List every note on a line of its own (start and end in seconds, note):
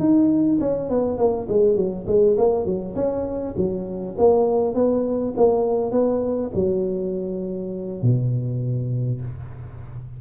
0.00 0.59 D#4
0.61 0.90 C#4
0.90 1.18 B3
1.18 1.48 A#3
1.49 1.76 G#3
1.76 2.06 F#3
2.07 2.37 G#3
2.38 2.66 A#3
2.66 2.95 F#3
2.96 3.55 C#4
3.57 4.16 F#3
4.18 4.75 A#3
4.75 5.35 B3
5.37 5.92 A#3
5.92 6.51 B3
6.55 8.03 F#3
8.03 9.22 B2